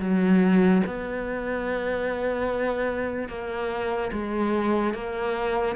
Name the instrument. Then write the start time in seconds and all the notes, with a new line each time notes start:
cello
0.00 F#3
0.86 B3
3.29 A#3
4.12 G#3
4.94 A#3